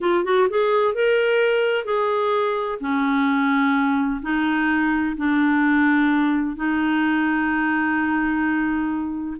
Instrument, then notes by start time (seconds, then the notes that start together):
clarinet
0.00 F4
0.24 F#4
0.49 G#4
0.94 A#4
1.85 G#4
2.80 C#4
4.22 D#4
5.16 D4
6.56 D#4